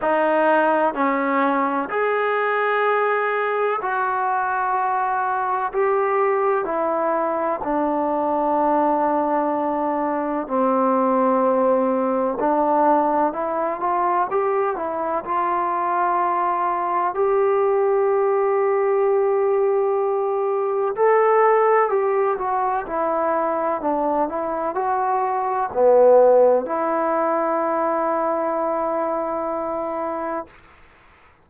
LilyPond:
\new Staff \with { instrumentName = "trombone" } { \time 4/4 \tempo 4 = 63 dis'4 cis'4 gis'2 | fis'2 g'4 e'4 | d'2. c'4~ | c'4 d'4 e'8 f'8 g'8 e'8 |
f'2 g'2~ | g'2 a'4 g'8 fis'8 | e'4 d'8 e'8 fis'4 b4 | e'1 | }